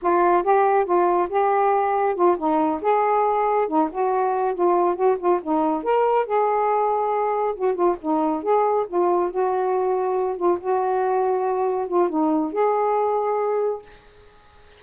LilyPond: \new Staff \with { instrumentName = "saxophone" } { \time 4/4 \tempo 4 = 139 f'4 g'4 f'4 g'4~ | g'4 f'8 dis'4 gis'4.~ | gis'8 dis'8 fis'4. f'4 fis'8 | f'8 dis'4 ais'4 gis'4.~ |
gis'4. fis'8 f'8 dis'4 gis'8~ | gis'8 f'4 fis'2~ fis'8 | f'8 fis'2. f'8 | dis'4 gis'2. | }